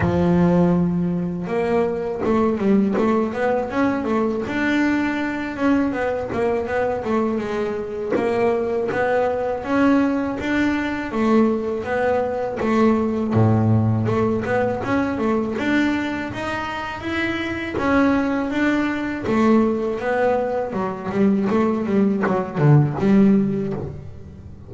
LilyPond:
\new Staff \with { instrumentName = "double bass" } { \time 4/4 \tempo 4 = 81 f2 ais4 a8 g8 | a8 b8 cis'8 a8 d'4. cis'8 | b8 ais8 b8 a8 gis4 ais4 | b4 cis'4 d'4 a4 |
b4 a4 a,4 a8 b8 | cis'8 a8 d'4 dis'4 e'4 | cis'4 d'4 a4 b4 | fis8 g8 a8 g8 fis8 d8 g4 | }